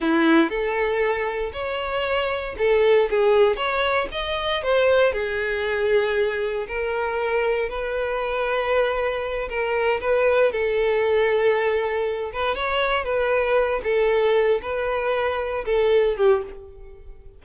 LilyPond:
\new Staff \with { instrumentName = "violin" } { \time 4/4 \tempo 4 = 117 e'4 a'2 cis''4~ | cis''4 a'4 gis'4 cis''4 | dis''4 c''4 gis'2~ | gis'4 ais'2 b'4~ |
b'2~ b'8 ais'4 b'8~ | b'8 a'2.~ a'8 | b'8 cis''4 b'4. a'4~ | a'8 b'2 a'4 g'8 | }